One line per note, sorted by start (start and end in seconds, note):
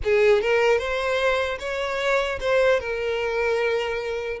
0.03 0.41 G#4
0.41 0.78 A#4
0.78 1.58 C5
1.59 2.39 C#5
2.40 2.80 C5
2.80 4.40 A#4